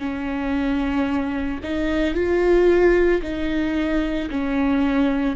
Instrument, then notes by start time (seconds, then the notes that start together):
viola
0.00 C#4
1.64 D#4
2.15 F4
3.22 D#4
4.31 C#4